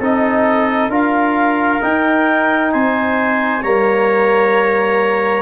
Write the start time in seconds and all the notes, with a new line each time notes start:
0.00 C4 D#4 A4 D#5
0.89 D4 F4 A#4 F5
1.81 D#4 G5
2.71 C4 C5 G#5
3.62 G3 A#3 C#5 A#5